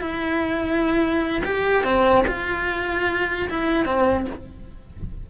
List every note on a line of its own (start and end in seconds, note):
0.00 1.42 E4
1.44 1.84 G4
1.84 2.24 C4
2.27 3.48 F4
3.49 3.85 E4
3.85 4.26 C4